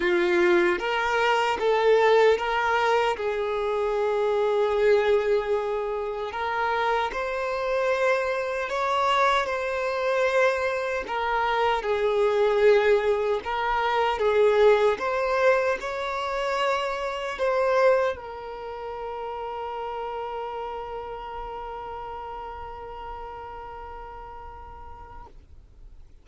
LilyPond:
\new Staff \with { instrumentName = "violin" } { \time 4/4 \tempo 4 = 76 f'4 ais'4 a'4 ais'4 | gis'1 | ais'4 c''2 cis''4 | c''2 ais'4 gis'4~ |
gis'4 ais'4 gis'4 c''4 | cis''2 c''4 ais'4~ | ais'1~ | ais'1 | }